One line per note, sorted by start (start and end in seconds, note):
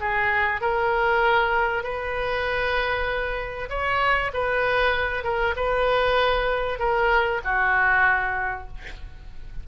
0.00 0.61 G#4
0.61 1.83 A#4
1.83 3.69 B4
3.69 4.31 C#5
4.33 5.24 B4
5.24 5.54 A#4
5.56 6.79 B4
6.79 7.41 A#4
7.44 8.68 F#4